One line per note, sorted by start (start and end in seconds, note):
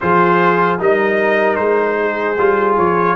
0.00 0.79 F3
0.00 0.78 F4
0.00 0.80 G#4
0.00 0.79 C5
0.78 1.58 G3
0.78 2.36 D#4
0.78 1.98 A#4
0.78 1.55 D#5
1.55 2.37 G#3
1.55 2.74 C5
1.99 3.16 G#4
2.38 2.77 G3
2.38 3.16 F4
2.77 3.16 F3
2.77 3.16 C#5